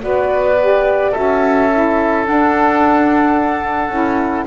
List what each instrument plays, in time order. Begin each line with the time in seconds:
0.00 double bass B3, saxophone F#4, oboe B4, flute D5
0.59 saxophone G4
1.11 double bass C#4, saxophone F#4, oboe A4, flute E5
1.71 saxophone E4
2.25 saxophone D4, double bass D4, flute F#5
3.89 double bass C#4, saxophone E4